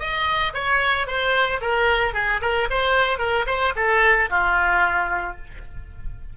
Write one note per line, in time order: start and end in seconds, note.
0.00 0.54 D#5
0.54 1.08 C#5
1.08 1.61 C5
1.62 2.14 A#4
2.14 2.41 G#4
2.42 2.69 A#4
2.71 3.19 C5
3.19 3.46 A#4
3.47 3.74 C5
3.76 4.30 A4
4.31 5.38 F4